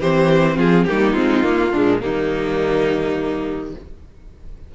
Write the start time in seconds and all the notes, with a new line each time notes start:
0.00 E3 C4 G4 C5
0.56 F3 F4 G#4
0.85 A#3 D#4 G4
0.91 G3
1.12 G#3 C4 F4
1.43 A#3
1.71 A#2 G#3 D4
2.00 D#3 G3 A#3 D#4